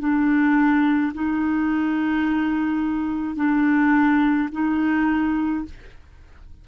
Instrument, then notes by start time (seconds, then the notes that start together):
clarinet
0.00 D4
1.14 D#4
3.37 D4
4.52 D#4